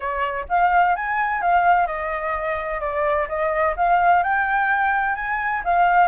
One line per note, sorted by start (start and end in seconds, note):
0.00 0.46 C#5
0.48 0.95 F5
0.95 1.41 G#5
1.41 1.86 F5
1.86 2.80 D#5
2.80 3.27 D5
3.28 3.75 D#5
3.76 4.23 F5
4.23 5.15 G5
5.15 5.62 G#5
5.64 6.07 F5